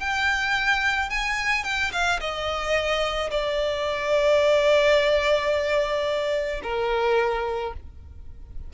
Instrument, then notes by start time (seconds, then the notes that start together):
violin
0.00 G5
1.10 G#5
1.64 G5
1.93 F5
2.20 D#5
3.31 D5
6.64 A#4